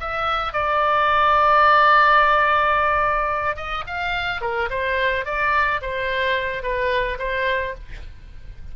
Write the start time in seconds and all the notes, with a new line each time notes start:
0.00 E5
0.53 D5
3.56 D#5
3.87 F5
4.41 A#4
4.70 C5
5.25 D5
5.82 C5
6.63 B4
7.19 C5